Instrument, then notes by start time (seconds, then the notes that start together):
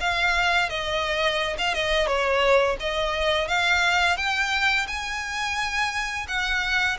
violin
0.00 F5
0.69 D#5
1.58 F5
1.74 D#5
2.07 C#5
2.80 D#5
3.48 F5
4.17 G5
4.87 G#5
6.28 F#5